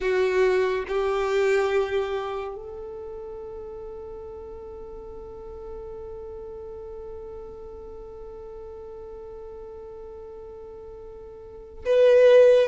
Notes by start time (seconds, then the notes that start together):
0.00 F#4
0.88 G4
2.55 A4
11.85 B4